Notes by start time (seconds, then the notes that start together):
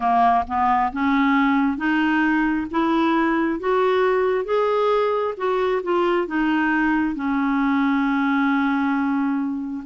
0.00 A#3
0.47 B3
0.92 C#4
1.77 D#4
2.70 E4
3.59 F#4
4.45 G#4
5.37 F#4
5.83 F4
6.27 D#4
7.15 C#4